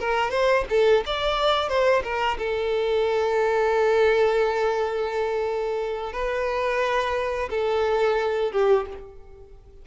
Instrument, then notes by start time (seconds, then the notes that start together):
violin
0.00 A#4
0.31 C5
0.70 A4
1.06 D5
1.69 C5
2.04 A#4
2.39 A4
6.13 B4
7.50 A4
8.52 G4